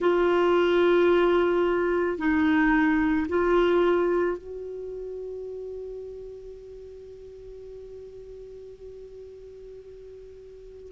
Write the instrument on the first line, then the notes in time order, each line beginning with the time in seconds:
clarinet
0.00 F4
2.18 D#4
3.28 F4
4.37 F#4